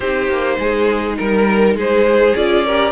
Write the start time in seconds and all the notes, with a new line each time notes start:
0.00 C4 D#4 G4 C5
0.28 A#3
0.59 G#3 G#4
1.17 G3 A#4
1.74 G#3 G#4 C5
2.35 C#4 F4 D5
2.65 G4 A#4